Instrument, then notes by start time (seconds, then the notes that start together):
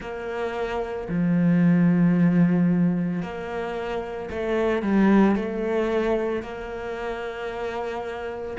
cello
0.00 A#3
1.09 F3
3.22 A#3
4.30 A3
4.82 G3
5.35 A3
6.42 A#3